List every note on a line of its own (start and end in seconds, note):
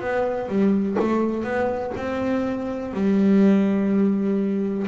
0.00 0.48 B3
0.48 0.97 G3
0.99 1.43 A3
1.43 1.92 B3
1.97 2.93 C4
2.93 4.87 G3